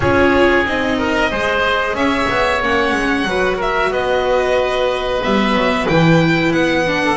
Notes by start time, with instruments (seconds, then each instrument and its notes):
0.00 double bass C#4, viola F4, oboe G#4, violin C#5
0.65 double bass C4, viola D#4, violin D#5
0.97 oboe A#4
1.30 double bass G#3, viola G#4, oboe C5
1.93 double bass C#4, oboe C#5, violin E5
2.29 double bass B3
2.62 double bass A#3, viola C#4, violin F#5
2.91 double bass G#3
3.24 double bass F#3, viola F#4, oboe B4
3.56 oboe A#4, violin E5
3.89 double bass B3, oboe B4, violin D#5
5.22 double bass G3, viola B3, violin E5
5.54 double bass F#3
5.87 double bass E3, viola E4, violin G5
6.52 double bass B3, violin F#5
6.86 viola D4
7.04 oboe A4